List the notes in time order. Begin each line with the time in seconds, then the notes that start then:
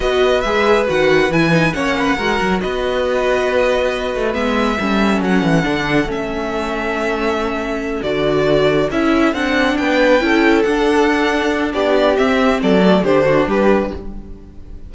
0.00 B3 F#4 B4 D#5
0.41 G#3 G#4 E5
0.87 D#3 F#4 F#5
1.29 E3 E4 G#5
1.50 D#4
1.73 A#3 C#4 C#5 F#5
1.99 B4
2.16 G#3 F#4 A#4
2.41 F#3
2.60 B3 B4 D#5
4.15 A3
4.33 G#3 B3 E5
4.79 G3 C#4 A4
5.21 F#3 F#5
5.42 E3
5.62 D3 D4
6.05 A3 C#4
6.11 E5
8.02 D3 F#4 D5
8.90 C#4 E4 E5
9.33 C4 D4 F#5
9.77 B3 B4 G5
10.20 C#4 E4 A4
10.62 D4 F#5
11.73 B3 G4 D5
12.16 C4 E5
12.62 F#3 A4 D5
12.80 A3
13.02 D3 D4 G4 C5
13.25 F#4
13.47 G3 G4 B4